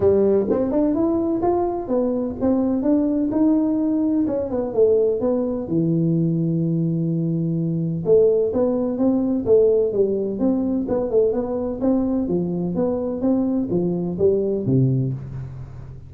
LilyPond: \new Staff \with { instrumentName = "tuba" } { \time 4/4 \tempo 4 = 127 g4 c'8 d'8 e'4 f'4 | b4 c'4 d'4 dis'4~ | dis'4 cis'8 b8 a4 b4 | e1~ |
e4 a4 b4 c'4 | a4 g4 c'4 b8 a8 | b4 c'4 f4 b4 | c'4 f4 g4 c4 | }